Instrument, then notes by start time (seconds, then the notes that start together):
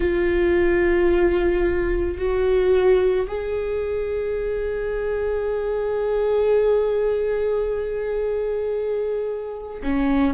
viola
0.00 F4
2.17 F#4
3.27 G#4
9.82 C#4